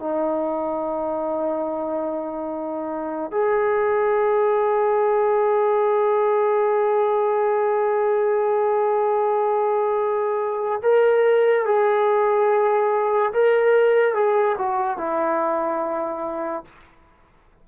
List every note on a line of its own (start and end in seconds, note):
0.00 3.31 D#4
3.31 10.81 G#4
10.82 11.66 A#4
11.66 13.32 G#4
13.33 14.14 A#4
14.14 14.56 G#4
14.58 14.98 F#4
14.98 16.64 E4